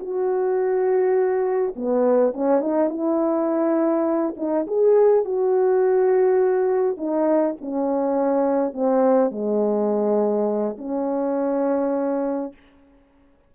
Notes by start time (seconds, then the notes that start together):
0.00 F#4
1.77 B3
2.34 C#4
2.61 D#4
2.90 E4
4.37 D#4
4.68 G#4
5.25 F#4
6.97 D#4
7.62 C#4
8.74 C4
9.32 G#3
10.78 C#4